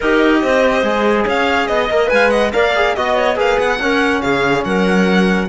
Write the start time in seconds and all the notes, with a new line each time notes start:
0.00 D#4 G4 A#4 D#5
0.42 C4 C5
0.82 G#3 G#4
1.26 C#4 C#5 F5
1.67 B3 D#5
1.90 A#3 A#4
2.06 G#3 B4 G#5
2.13 F5
2.30 D#5 F#5
2.52 A#3 A#4 D5 F5
2.75 G#4
2.95 B3 F#4 D#5
3.15 C#5
3.35 A#3 G#4 B4 F5
3.58 B3 F#5
3.79 C#4 A#4
4.21 C#3 G#4 F5
4.64 F#3 A#4 F#5